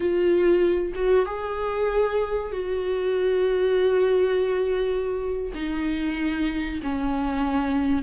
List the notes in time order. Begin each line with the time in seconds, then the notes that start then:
0.00 F4
0.94 F#4
1.25 G#4
2.51 F#4
5.54 D#4
6.82 C#4